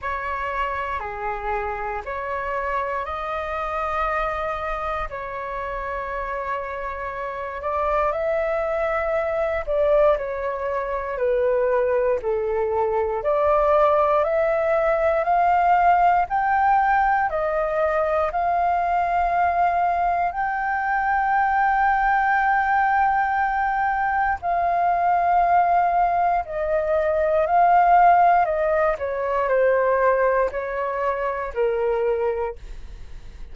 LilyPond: \new Staff \with { instrumentName = "flute" } { \time 4/4 \tempo 4 = 59 cis''4 gis'4 cis''4 dis''4~ | dis''4 cis''2~ cis''8 d''8 | e''4. d''8 cis''4 b'4 | a'4 d''4 e''4 f''4 |
g''4 dis''4 f''2 | g''1 | f''2 dis''4 f''4 | dis''8 cis''8 c''4 cis''4 ais'4 | }